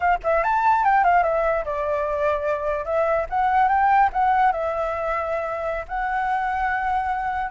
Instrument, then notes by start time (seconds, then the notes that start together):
flute
0.00 F5
0.23 E5
0.43 A5
0.84 G5
1.04 F5
1.23 E5
1.64 D5
2.85 E5
3.29 F#5
3.68 G5
4.12 F#5
4.52 E5
5.87 F#5